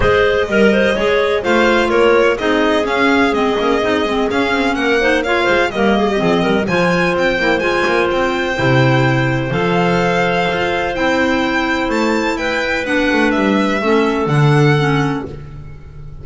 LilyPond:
<<
  \new Staff \with { instrumentName = "violin" } { \time 4/4 \tempo 4 = 126 dis''2. f''4 | cis''4 dis''4 f''4 dis''4~ | dis''4 f''4 fis''4 f''4 | dis''2 gis''4 g''4 |
gis''4 g''2. | f''2. g''4~ | g''4 a''4 g''4 fis''4 | e''2 fis''2 | }
  \new Staff \with { instrumentName = "clarinet" } { \time 4/4 c''4 ais'8 c''8 cis''4 c''4 | ais'4 gis'2.~ | gis'2 ais'8 c''8 cis''8 c''8 | ais'8 gis'16 g'16 gis'8 ais'8 c''2~ |
c''1~ | c''1~ | c''2 b'2~ | b'4 a'2. | }
  \new Staff \with { instrumentName = "clarinet" } { \time 4/4 gis'4 ais'4 gis'4 f'4~ | f'4 dis'4 cis'4 c'8 cis'8 | dis'8 c'8 cis'4. dis'8 f'4 | ais4 c'4 f'4. e'8 |
f'2 e'2 | a'2. e'4~ | e'2. d'4~ | d'4 cis'4 d'4 cis'4 | }
  \new Staff \with { instrumentName = "double bass" } { \time 4/4 gis4 g4 gis4 a4 | ais4 c'4 cis'4 gis8 ais8 | c'8 gis8 cis'8 c'8 ais4. gis8 | g4 f8 g8 f4 c'8 ais8 |
gis8 ais8 c'4 c2 | f2 f'4 c'4~ | c'4 a4 e'4 b8 a8 | g4 a4 d2 | }
>>